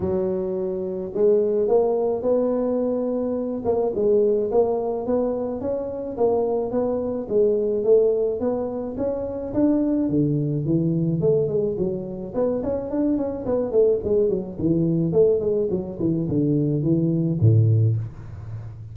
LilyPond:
\new Staff \with { instrumentName = "tuba" } { \time 4/4 \tempo 4 = 107 fis2 gis4 ais4 | b2~ b8 ais8 gis4 | ais4 b4 cis'4 ais4 | b4 gis4 a4 b4 |
cis'4 d'4 d4 e4 | a8 gis8 fis4 b8 cis'8 d'8 cis'8 | b8 a8 gis8 fis8 e4 a8 gis8 | fis8 e8 d4 e4 a,4 | }